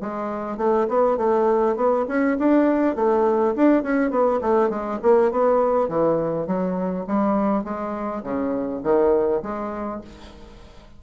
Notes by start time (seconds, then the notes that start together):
0.00 G#3
0.57 A3
0.88 B3
1.17 A3
1.76 B3
2.08 C#4
2.39 D4
2.95 A3
3.56 D4
3.83 C#4
4.10 B3
4.41 A3
4.70 G#3
5.02 A#3
5.31 B3
5.88 E3
6.47 F#3
7.07 G3
7.64 G#3
8.23 C#3
8.83 D#3
9.42 G#3